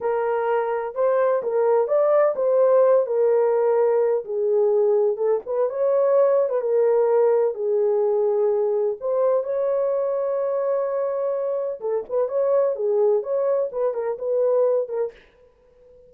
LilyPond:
\new Staff \with { instrumentName = "horn" } { \time 4/4 \tempo 4 = 127 ais'2 c''4 ais'4 | d''4 c''4. ais'4.~ | ais'4 gis'2 a'8 b'8 | cis''4.~ cis''16 b'16 ais'2 |
gis'2. c''4 | cis''1~ | cis''4 a'8 b'8 cis''4 gis'4 | cis''4 b'8 ais'8 b'4. ais'8 | }